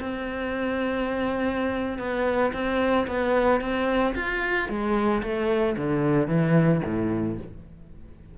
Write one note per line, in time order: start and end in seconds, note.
0.00 1.98 C4
1.98 2.52 B3
2.53 3.07 C4
3.07 3.61 B3
3.61 4.14 C4
4.15 4.69 F4
4.69 5.22 G#3
5.23 5.76 A3
5.77 6.28 D3
6.28 6.81 E3
6.84 7.38 A2